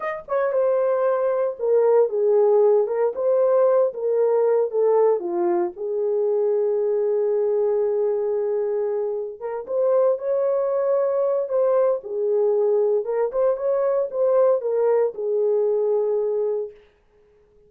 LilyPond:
\new Staff \with { instrumentName = "horn" } { \time 4/4 \tempo 4 = 115 dis''8 cis''8 c''2 ais'4 | gis'4. ais'8 c''4. ais'8~ | ais'4 a'4 f'4 gis'4~ | gis'1~ |
gis'2 ais'8 c''4 cis''8~ | cis''2 c''4 gis'4~ | gis'4 ais'8 c''8 cis''4 c''4 | ais'4 gis'2. | }